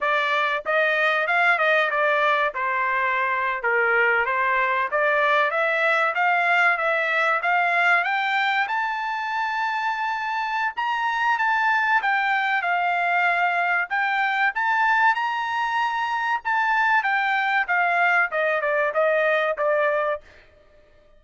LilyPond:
\new Staff \with { instrumentName = "trumpet" } { \time 4/4 \tempo 4 = 95 d''4 dis''4 f''8 dis''8 d''4 | c''4.~ c''16 ais'4 c''4 d''16~ | d''8. e''4 f''4 e''4 f''16~ | f''8. g''4 a''2~ a''16~ |
a''4 ais''4 a''4 g''4 | f''2 g''4 a''4 | ais''2 a''4 g''4 | f''4 dis''8 d''8 dis''4 d''4 | }